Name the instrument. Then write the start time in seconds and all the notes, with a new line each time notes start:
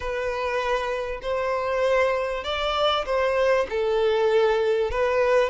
violin
0.00 B4
1.21 C5
2.44 D5
3.05 C5
3.69 A4
4.90 B4